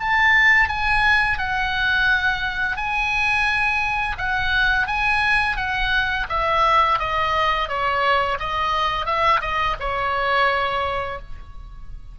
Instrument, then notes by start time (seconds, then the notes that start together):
oboe
0.00 A5
0.69 G#5
1.38 F#5
2.77 G#5
4.18 F#5
4.87 G#5
5.57 F#5
6.29 E5
6.99 D#5
7.69 C#5
8.40 D#5
9.06 E5
9.41 D#5
9.80 C#5